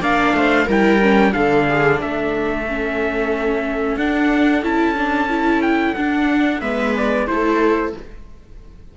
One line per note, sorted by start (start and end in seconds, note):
0.00 0.33 A#3
0.00 0.67 D4
0.00 0.34 D5
0.00 0.69 F5
0.33 0.66 A3
0.33 0.65 C5
0.65 1.33 G3
0.65 1.01 E4
0.65 1.31 A#4
0.65 1.33 G5
1.01 1.31 C#4
1.31 2.02 D3
1.31 2.63 D4
1.31 1.67 A4
1.31 1.99 F5
1.69 2.01 G#4
2.01 3.96 A3
2.01 6.61 A4
2.01 3.97 E5
2.68 3.99 C#4
3.96 4.62 D4
3.96 4.63 F#5
4.62 5.94 C#4
4.62 4.95 E4
4.62 5.61 A5
4.95 5.28 D4
5.29 5.95 E4
5.61 5.94 G5
5.94 6.61 D4
5.94 6.60 F#5
6.60 7.27 G#3
6.60 7.27 B3
6.60 7.27 B4
6.60 6.93 E5
6.97 7.27 D5
7.27 7.93 A3
7.27 7.92 E4
7.27 7.97 A4
7.27 7.93 C5